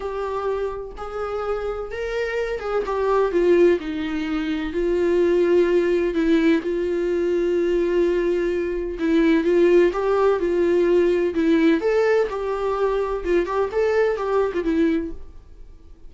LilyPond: \new Staff \with { instrumentName = "viola" } { \time 4/4 \tempo 4 = 127 g'2 gis'2 | ais'4. gis'8 g'4 f'4 | dis'2 f'2~ | f'4 e'4 f'2~ |
f'2. e'4 | f'4 g'4 f'2 | e'4 a'4 g'2 | f'8 g'8 a'4 g'8. f'16 e'4 | }